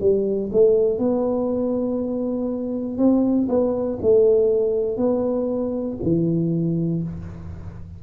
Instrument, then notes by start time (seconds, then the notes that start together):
tuba
0.00 G3
0.52 A3
0.99 B3
2.98 C4
3.49 B3
4.02 A3
4.97 B3
6.03 E3